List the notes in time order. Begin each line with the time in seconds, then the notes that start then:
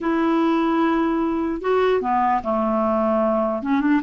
0.01 E4
1.61 F#4
2.01 B3
2.43 A3
3.62 C#4
3.81 D4